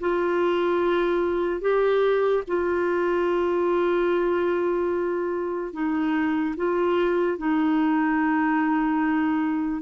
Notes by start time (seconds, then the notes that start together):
0.00 F4
1.61 G4
2.47 F4
5.73 D#4
6.56 F4
7.38 D#4